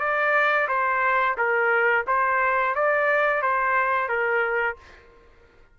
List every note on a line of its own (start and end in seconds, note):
0.00 0.68 D5
0.68 1.37 C5
1.38 2.06 A#4
2.07 2.75 C5
2.75 3.42 D5
3.42 4.09 C5
4.09 4.77 A#4